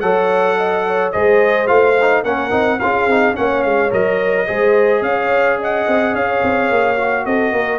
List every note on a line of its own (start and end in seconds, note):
0.00 1.13 F#3
0.00 1.13 A4
0.00 0.57 C#5
0.00 1.11 F#5
0.57 0.85 D#5
0.87 1.13 C#5
1.12 1.69 G#3
1.12 1.66 G#4
1.12 2.23 C5
1.12 1.67 D#5
1.66 2.23 A3
1.66 1.94 F4
1.66 2.23 F5
2.01 2.25 D#4
2.23 2.51 A#3
2.23 2.50 C#4
2.23 2.79 A#4
2.23 2.79 F#5
2.50 2.80 C4
2.50 2.78 D#4
2.79 3.06 C#4
2.79 3.10 F4
2.79 3.35 G#4
2.79 3.35 F5
3.06 3.34 C4
3.06 3.34 D#4
3.34 3.64 A#3
3.34 3.90 C#4
3.34 4.46 C#5
3.34 3.63 F#5
3.63 3.92 G#3
3.63 3.90 F5
3.90 4.48 F#3
3.90 4.46 A#4
3.90 5.03 D#5
4.47 5.01 G#3
4.47 6.97 G#4
4.47 5.02 C5
5.01 5.84 C#4
5.01 5.59 C#5
5.01 5.58 F5
5.59 6.12 D#5
5.59 6.15 F#5
5.87 6.13 C4
6.12 6.40 C#4
6.12 7.24 C#5
6.12 7.25 F5
6.43 6.70 C4
6.70 7.25 A#3
6.97 7.79 F#4
7.25 7.52 C4
7.25 7.53 A4
7.25 7.79 D#5
7.52 7.79 A#3
7.52 7.79 A#4